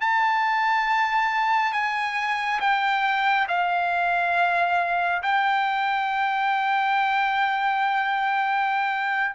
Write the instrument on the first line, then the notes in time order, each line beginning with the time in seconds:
trumpet
0.00 A5
1.72 G#5
2.60 G5
3.48 F5
5.22 G5